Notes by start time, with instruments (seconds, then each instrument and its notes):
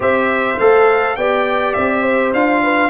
0.00 tuba C4, trombone G4, horn C5, trumpet E5
0.58 tuba A3, trombone A4, trumpet F5
1.16 tuba B3, trombone G4, horn D5, trumpet G5
1.73 tuba C4, trumpet E5
2.02 horn C5
2.33 tuba D4, trombone F4, trumpet F5
2.63 horn B4